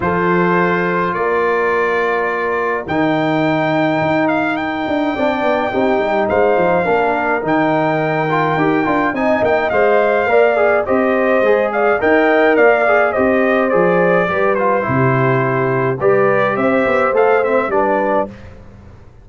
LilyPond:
<<
  \new Staff \with { instrumentName = "trumpet" } { \time 4/4 \tempo 4 = 105 c''2 d''2~ | d''4 g''2~ g''8 f''8 | g''2. f''4~ | f''4 g''2. |
gis''8 g''8 f''2 dis''4~ | dis''8 f''8 g''4 f''4 dis''4 | d''4. c''2~ c''8 | d''4 e''4 f''8 e''8 d''4 | }
  \new Staff \with { instrumentName = "horn" } { \time 4/4 a'2 ais'2~ | ais'1~ | ais'4 d''4 g'4 c''4 | ais'1 |
dis''2 d''4 c''4~ | c''8 d''8 dis''4 d''4 c''4~ | c''4 b'4 g'2 | b'4 c''2 b'4 | }
  \new Staff \with { instrumentName = "trombone" } { \time 4/4 f'1~ | f'4 dis'2.~ | dis'4 d'4 dis'2 | d'4 dis'4. f'8 g'8 f'8 |
dis'4 c''4 ais'8 gis'8 g'4 | gis'4 ais'4. gis'8 g'4 | gis'4 g'8 f'8 e'2 | g'2 a'8 c'8 d'4 | }
  \new Staff \with { instrumentName = "tuba" } { \time 4/4 f2 ais2~ | ais4 dis2 dis'4~ | dis'8 d'8 c'8 b8 c'8 g8 gis8 f8 | ais4 dis2 dis'8 d'8 |
c'8 ais8 gis4 ais4 c'4 | gis4 dis'4 ais4 c'4 | f4 g4 c2 | g4 c'8 b8 a4 g4 | }
>>